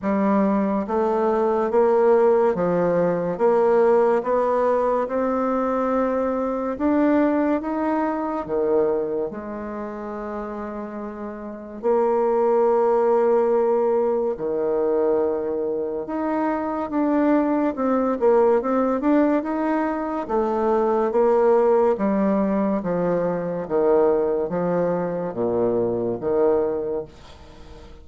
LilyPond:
\new Staff \with { instrumentName = "bassoon" } { \time 4/4 \tempo 4 = 71 g4 a4 ais4 f4 | ais4 b4 c'2 | d'4 dis'4 dis4 gis4~ | gis2 ais2~ |
ais4 dis2 dis'4 | d'4 c'8 ais8 c'8 d'8 dis'4 | a4 ais4 g4 f4 | dis4 f4 ais,4 dis4 | }